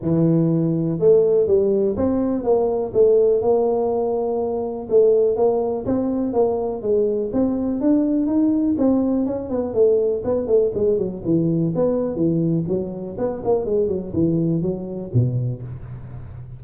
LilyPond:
\new Staff \with { instrumentName = "tuba" } { \time 4/4 \tempo 4 = 123 e2 a4 g4 | c'4 ais4 a4 ais4~ | ais2 a4 ais4 | c'4 ais4 gis4 c'4 |
d'4 dis'4 c'4 cis'8 b8 | a4 b8 a8 gis8 fis8 e4 | b4 e4 fis4 b8 ais8 | gis8 fis8 e4 fis4 b,4 | }